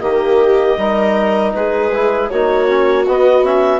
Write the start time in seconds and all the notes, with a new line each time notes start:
0.00 D#3 A#3 G4 D#5
0.77 G3 D#4 A#4
1.53 G#3 G#4 B4
1.93 E4
2.29 A#3 D#4 F#4 C#5
2.67 C#4
3.06 B3 D#5
3.43 C#4 E5